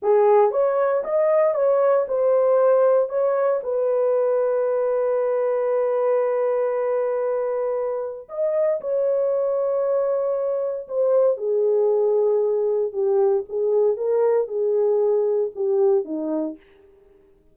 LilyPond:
\new Staff \with { instrumentName = "horn" } { \time 4/4 \tempo 4 = 116 gis'4 cis''4 dis''4 cis''4 | c''2 cis''4 b'4~ | b'1~ | b'1 |
dis''4 cis''2.~ | cis''4 c''4 gis'2~ | gis'4 g'4 gis'4 ais'4 | gis'2 g'4 dis'4 | }